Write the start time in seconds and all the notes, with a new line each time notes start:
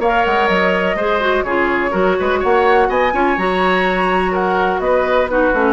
0.00 A#3 A#4 C#5 F5
0.26 G#3 F#5
0.48 F#3 D#5
0.96 G#3 G#4 C5
1.21 F#4
1.44 C#3 F4 G#4 C#5
1.92 F#3 F#4 A#4
2.20 G#3 B4
2.40 A#3 C#5 F#5
2.89 B3 D#5 G#5
3.13 C#4 F4 C#5
3.38 F#3 F#4 A#5
4.32 A#4 F#5
4.79 B3 B4 D#5
5.30 D#4 F#4 B4
5.54 A3 C#4